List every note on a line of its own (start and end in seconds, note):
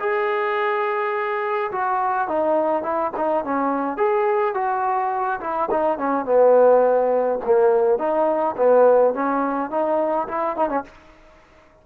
0.00 1.71 G#4
1.72 2.29 F#4
2.29 2.83 D#4
2.83 3.12 E4
3.17 3.45 D#4
3.45 3.98 C#4
3.98 4.55 G#4
4.55 5.41 F#4
5.41 5.70 E4
5.71 5.98 D#4
5.98 6.25 C#4
6.25 7.40 B3
7.46 7.99 A#3
7.99 8.56 D#4
8.57 9.15 B3
9.15 9.71 C#4
9.71 10.28 D#4
10.28 10.57 E4
10.57 10.70 D#4
10.70 10.84 C#4